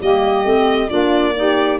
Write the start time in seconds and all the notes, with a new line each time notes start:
0.00 G3 A#3 G4 D#5
0.44 A3 C4
0.87 A#3 D4 F4 D5
1.35 D#4 G4